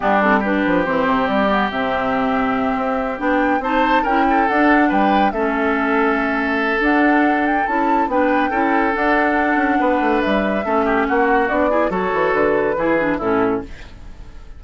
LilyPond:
<<
  \new Staff \with { instrumentName = "flute" } { \time 4/4 \tempo 4 = 141 g'8 a'8 b'4 c''4 d''4 | e''2.~ e''8 g''8~ | g''8 a''4 g''4 fis''4 g''8~ | g''8 e''2.~ e''8 |
fis''4. g''8 a''4 g''4~ | g''4 fis''2. | e''2 fis''4 d''4 | cis''4 b'2 a'4 | }
  \new Staff \with { instrumentName = "oboe" } { \time 4/4 d'4 g'2.~ | g'1~ | g'8 c''4 ais'8 a'4. b'8~ | b'8 a'2.~ a'8~ |
a'2. b'4 | a'2. b'4~ | b'4 a'8 g'8 fis'4. gis'8 | a'2 gis'4 e'4 | }
  \new Staff \with { instrumentName = "clarinet" } { \time 4/4 b8 c'8 d'4 c'4. b8 | c'2.~ c'8 d'8~ | d'8 dis'4 e'4 d'4.~ | d'8 cis'2.~ cis'8 |
d'2 e'4 d'4 | e'4 d'2.~ | d'4 cis'2 d'8 e'8 | fis'2 e'8 d'8 cis'4 | }
  \new Staff \with { instrumentName = "bassoon" } { \time 4/4 g4. f8 e8 c8 g4 | c2~ c8 c'4 b8~ | b8 c'4 cis'4 d'4 g8~ | g8 a2.~ a8 |
d'2 cis'4 b4 | cis'4 d'4. cis'8 b8 a8 | g4 a4 ais4 b4 | fis8 e8 d4 e4 a,4 | }
>>